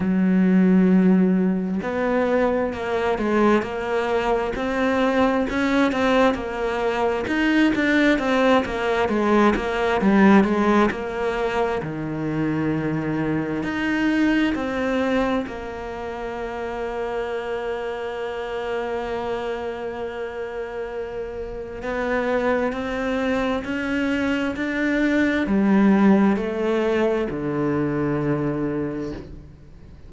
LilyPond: \new Staff \with { instrumentName = "cello" } { \time 4/4 \tempo 4 = 66 fis2 b4 ais8 gis8 | ais4 c'4 cis'8 c'8 ais4 | dis'8 d'8 c'8 ais8 gis8 ais8 g8 gis8 | ais4 dis2 dis'4 |
c'4 ais2.~ | ais1 | b4 c'4 cis'4 d'4 | g4 a4 d2 | }